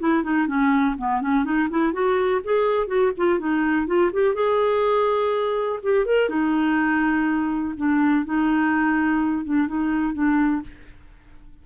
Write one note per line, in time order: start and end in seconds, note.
0.00 0.24 E4
0.24 0.48 D#4
0.48 0.96 C#4
0.99 1.21 B3
1.21 1.45 C#4
1.45 1.69 D#4
1.70 1.93 E4
1.93 2.42 F#4
2.44 2.88 G#4
2.88 3.12 F#4
3.17 3.39 F4
3.39 3.87 D#4
3.87 4.11 F4
4.13 4.35 G4
4.35 5.80 G#4
5.83 6.06 G4
6.06 6.30 A#4
6.30 7.75 D#4
7.77 8.25 D4
8.25 9.45 D#4
9.45 9.68 D4
9.68 10.14 D#4
10.14 10.63 D4